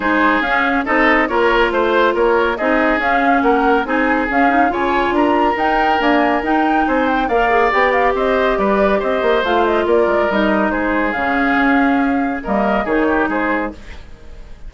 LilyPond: <<
  \new Staff \with { instrumentName = "flute" } { \time 4/4 \tempo 4 = 140 c''4 f''4 dis''4 cis''4 | c''4 cis''4 dis''4 f''4 | fis''4 gis''4 f''4 gis''4 | ais''4 g''4 gis''4 g''4 |
gis''8 g''8 f''4 g''8 f''8 dis''4 | d''4 dis''4 f''8 dis''8 d''4 | dis''4 c''4 f''2~ | f''4 dis''4 cis''4 c''4 | }
  \new Staff \with { instrumentName = "oboe" } { \time 4/4 gis'2 a'4 ais'4 | c''4 ais'4 gis'2 | ais'4 gis'2 cis''4 | ais'1 |
c''4 d''2 c''4 | b'4 c''2 ais'4~ | ais'4 gis'2.~ | gis'4 ais'4 gis'8 g'8 gis'4 | }
  \new Staff \with { instrumentName = "clarinet" } { \time 4/4 dis'4 cis'4 dis'4 f'4~ | f'2 dis'4 cis'4~ | cis'4 dis'4 cis'8 dis'8 f'4~ | f'4 dis'4 ais4 dis'4~ |
dis'4 ais'8 gis'8 g'2~ | g'2 f'2 | dis'2 cis'2~ | cis'4 ais4 dis'2 | }
  \new Staff \with { instrumentName = "bassoon" } { \time 4/4 gis4 cis'4 c'4 ais4 | a4 ais4 c'4 cis'4 | ais4 c'4 cis'4 cis4 | d'4 dis'4 d'4 dis'4 |
c'4 ais4 b4 c'4 | g4 c'8 ais8 a4 ais8 gis8 | g4 gis4 cis4 cis'4~ | cis'4 g4 dis4 gis4 | }
>>